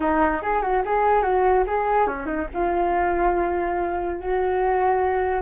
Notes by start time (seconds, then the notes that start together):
0.00 D#4
0.41 G#4
0.62 F#4
0.85 G#4
1.22 F#4
1.66 G#4
2.07 C#4
2.26 D#4
2.53 F4
4.20 F#4